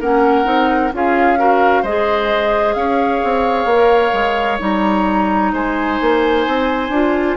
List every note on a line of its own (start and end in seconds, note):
0.00 0.45 A#3
0.00 0.44 C#4
0.00 0.93 A#4
0.00 0.93 F#5
0.44 0.92 C4
0.44 0.90 D#4
0.93 1.83 C#4
0.93 1.37 F4
0.93 1.39 G#4
0.93 1.85 F5
1.37 1.84 F#4
1.37 1.82 A#4
1.82 2.75 G#3
1.82 3.72 G#4
1.82 2.74 C5
1.82 2.74 D#5
2.74 3.21 C#4
2.74 5.53 C#5
2.74 4.58 F5
3.23 3.65 C4
3.65 4.12 A#3
3.72 4.59 A#4
4.13 4.59 G#3
4.59 5.53 G3
4.59 6.90 D#4
4.59 5.54 A#5
5.53 5.99 G#3
5.53 7.37 C5
5.53 7.37 G#5
6.01 6.47 A#3
6.47 6.89 C4
6.89 7.36 D4
6.89 7.37 F4